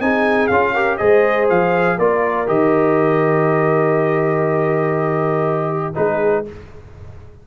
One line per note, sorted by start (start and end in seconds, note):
0.00 0.50 C4
0.00 0.50 D#4
0.00 0.73 G#4
0.00 0.47 G#5
0.47 0.99 C#4
0.47 0.75 F4
0.47 0.97 F5
0.73 0.99 G4
0.73 0.98 A#4
0.97 1.50 G#3
0.97 1.98 G#4
0.97 1.98 C5
0.97 1.47 D#5
1.49 1.98 F3
1.49 1.99 F5
1.98 2.48 A#3
1.98 2.46 F4
1.98 5.95 A#4
1.98 2.48 D5
2.46 5.95 D#3
2.46 5.93 G4
2.46 5.95 D#5
5.95 6.47 G#3
5.95 6.45 D#4
5.95 6.46 G#4
5.95 6.45 B4